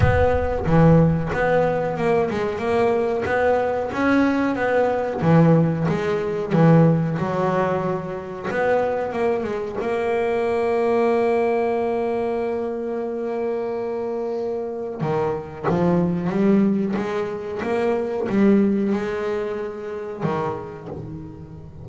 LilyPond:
\new Staff \with { instrumentName = "double bass" } { \time 4/4 \tempo 4 = 92 b4 e4 b4 ais8 gis8 | ais4 b4 cis'4 b4 | e4 gis4 e4 fis4~ | fis4 b4 ais8 gis8 ais4~ |
ais1~ | ais2. dis4 | f4 g4 gis4 ais4 | g4 gis2 dis4 | }